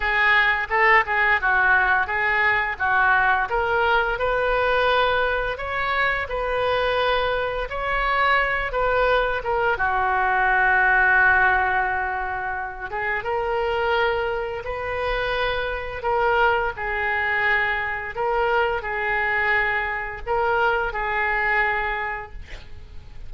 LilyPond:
\new Staff \with { instrumentName = "oboe" } { \time 4/4 \tempo 4 = 86 gis'4 a'8 gis'8 fis'4 gis'4 | fis'4 ais'4 b'2 | cis''4 b'2 cis''4~ | cis''8 b'4 ais'8 fis'2~ |
fis'2~ fis'8 gis'8 ais'4~ | ais'4 b'2 ais'4 | gis'2 ais'4 gis'4~ | gis'4 ais'4 gis'2 | }